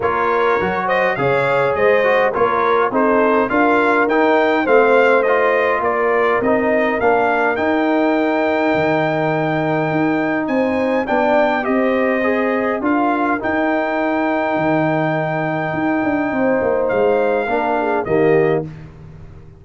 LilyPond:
<<
  \new Staff \with { instrumentName = "trumpet" } { \time 4/4 \tempo 4 = 103 cis''4. dis''8 f''4 dis''4 | cis''4 c''4 f''4 g''4 | f''4 dis''4 d''4 dis''4 | f''4 g''2.~ |
g''2 gis''4 g''4 | dis''2 f''4 g''4~ | g''1~ | g''4 f''2 dis''4 | }
  \new Staff \with { instrumentName = "horn" } { \time 4/4 ais'4. c''8 cis''4 c''4 | ais'4 a'4 ais'2 | c''2 ais'2~ | ais'1~ |
ais'2 c''4 d''4 | c''2 ais'2~ | ais'1 | c''2 ais'8 gis'8 g'4 | }
  \new Staff \with { instrumentName = "trombone" } { \time 4/4 f'4 fis'4 gis'4. fis'8 | f'4 dis'4 f'4 dis'4 | c'4 f'2 dis'4 | d'4 dis'2.~ |
dis'2. d'4 | g'4 gis'4 f'4 dis'4~ | dis'1~ | dis'2 d'4 ais4 | }
  \new Staff \with { instrumentName = "tuba" } { \time 4/4 ais4 fis4 cis4 gis4 | ais4 c'4 d'4 dis'4 | a2 ais4 c'4 | ais4 dis'2 dis4~ |
dis4 dis'4 c'4 b4 | c'2 d'4 dis'4~ | dis'4 dis2 dis'8 d'8 | c'8 ais8 gis4 ais4 dis4 | }
>>